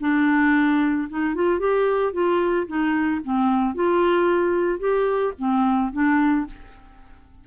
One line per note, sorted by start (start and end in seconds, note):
0.00 1.08 D4
1.09 1.35 D#4
1.35 1.59 F4
1.59 2.13 G4
2.13 2.67 F4
2.67 3.21 D#4
3.24 3.74 C4
3.74 4.79 F4
4.79 5.33 G4
5.38 5.92 C4
5.92 6.46 D4